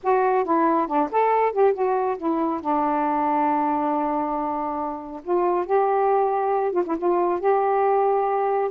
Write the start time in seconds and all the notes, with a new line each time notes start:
0.03 F#4
0.44 E4
0.87 D4
1.11 A4
1.52 G4
1.73 F#4
2.17 E4
2.60 D4
5.23 F4
5.66 G4
6.72 F4
6.85 E4
6.97 F4
7.40 G4